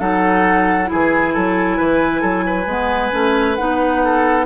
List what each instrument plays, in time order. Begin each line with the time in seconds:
0.00 bassoon F#3, clarinet D#4, oboe A4, flute F#5
0.85 clarinet E4, oboe G#4, flute G#5
0.93 bassoon E3
1.34 bassoon F#3, oboe A4
1.77 bassoon E3, oboe B4
2.21 bassoon F#3, oboe A4
2.46 oboe B4
2.67 bassoon G#3, clarinet B3
3.12 bassoon A3, clarinet C#4
3.56 bassoon B3, clarinet D#4, flute F#5
4.04 oboe A4